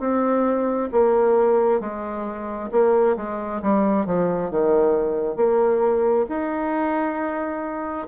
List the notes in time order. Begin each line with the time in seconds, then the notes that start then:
0.00 C4
0.92 A#3
1.80 G#3
2.72 A#3
3.17 G#3
3.63 G3
4.06 F3
4.51 D#3
5.36 A#3
6.29 D#4